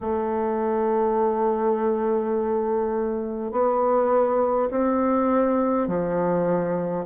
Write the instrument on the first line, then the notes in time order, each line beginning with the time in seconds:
bassoon
0.01 A3
3.51 B3
4.70 C4
5.87 F3